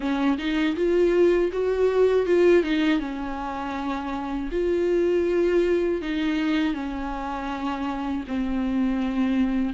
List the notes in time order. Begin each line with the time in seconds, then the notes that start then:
0.00 C#4
0.38 D#4
0.75 F4
1.52 F#4
2.26 F4
2.63 D#4
2.99 C#4
4.51 F4
6.01 D#4
6.74 C#4
8.27 C4